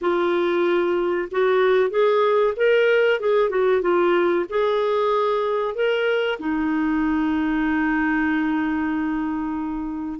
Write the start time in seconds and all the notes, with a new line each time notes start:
0.01 F4
1.31 F#4
1.90 G#4
2.56 A#4
3.19 G#4
3.49 F#4
3.82 F4
4.49 G#4
5.74 A#4
6.39 D#4